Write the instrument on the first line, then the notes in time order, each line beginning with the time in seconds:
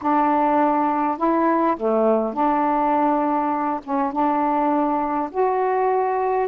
saxophone
0.01 D4
1.17 E4
1.76 A3
2.33 D4
3.83 C#4
4.12 D4
5.31 F#4